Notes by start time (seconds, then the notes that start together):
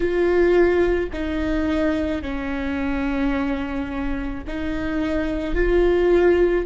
0.00 F4
1.12 D#4
2.22 C#4
4.47 D#4
5.55 F4